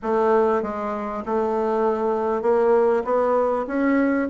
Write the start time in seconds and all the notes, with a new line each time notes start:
0.02 A3
0.62 G#3
1.25 A3
2.42 A#3
3.04 B3
3.67 C#4